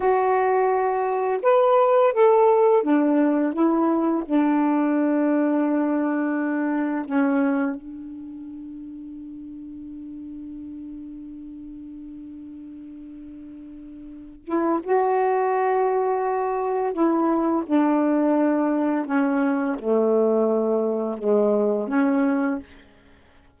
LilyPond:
\new Staff \with { instrumentName = "saxophone" } { \time 4/4 \tempo 4 = 85 fis'2 b'4 a'4 | d'4 e'4 d'2~ | d'2 cis'4 d'4~ | d'1~ |
d'1~ | d'8 e'8 fis'2. | e'4 d'2 cis'4 | a2 gis4 cis'4 | }